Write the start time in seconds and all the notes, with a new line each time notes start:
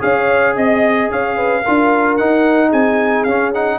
0.00 C#4 G#4 C#5 F5
0.56 C4 D#5
1.10 C#4 C#5 F5
1.37 B4
1.63 D4 F4 A#4
2.17 D#4 F#5
2.69 C4 G#4 G#5
3.24 C#4 F5
3.54 D#4 F#5